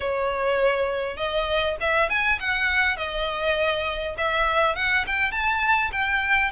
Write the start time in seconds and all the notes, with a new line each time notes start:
0.00 C#5
1.16 D#5
1.80 E5
2.09 G#5
2.39 F#5
2.96 D#5
4.17 E5
4.75 F#5
5.07 G5
5.31 A5
5.92 G5